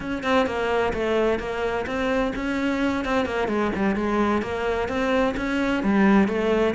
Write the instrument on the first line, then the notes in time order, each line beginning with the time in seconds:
cello
0.00 C#4
0.23 C4
0.46 A#3
0.93 A3
1.39 A#3
1.86 C4
2.35 C#4
3.04 C4
3.25 A#3
3.48 G#3
3.75 G3
3.95 G#3
4.41 A#3
4.88 C4
5.36 C#4
5.83 G3
6.27 A3